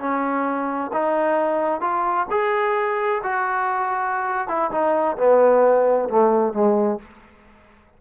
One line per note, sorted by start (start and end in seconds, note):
0.00 0.92 C#4
0.93 1.81 D#4
1.81 2.27 F4
2.31 3.22 G#4
3.24 4.48 F#4
4.48 4.71 E4
4.72 5.17 D#4
5.18 6.09 B3
6.10 6.54 A3
6.54 6.99 G#3